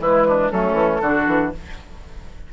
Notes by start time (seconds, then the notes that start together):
0.00 E3 G#3 E4 B4
0.28 D4
0.51 F#3 A3 C#4 A4
0.73 E3
1.02 D3 D4 F#4
1.27 E3